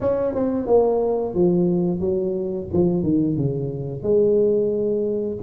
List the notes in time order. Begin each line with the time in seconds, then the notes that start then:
0.00 C#4
0.34 C4
0.66 A#3
1.34 F3
1.99 F#3
2.73 F3
3.03 D#3
3.36 C#3
4.02 G#3